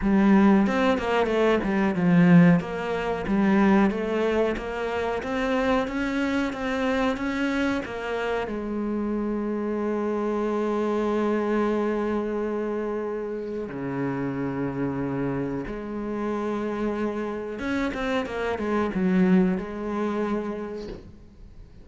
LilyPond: \new Staff \with { instrumentName = "cello" } { \time 4/4 \tempo 4 = 92 g4 c'8 ais8 a8 g8 f4 | ais4 g4 a4 ais4 | c'4 cis'4 c'4 cis'4 | ais4 gis2.~ |
gis1~ | gis4 cis2. | gis2. cis'8 c'8 | ais8 gis8 fis4 gis2 | }